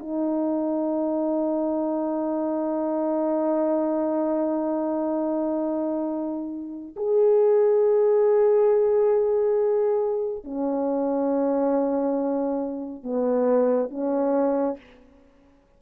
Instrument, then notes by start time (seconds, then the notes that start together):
horn
0.00 D#4
6.97 G#4
10.45 C#4
13.04 B3
13.91 C#4